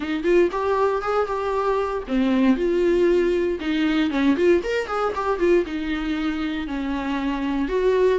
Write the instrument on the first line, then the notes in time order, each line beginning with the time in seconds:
viola
0.00 D#4
0.23 F4
0.51 G4
1.02 G#4
1.26 G4
2.07 C4
2.56 F4
3.60 D#4
4.10 C#4
4.36 F4
4.63 A#4
4.87 G#4
5.15 G4
5.39 F4
5.65 D#4
6.67 C#4
7.68 F#4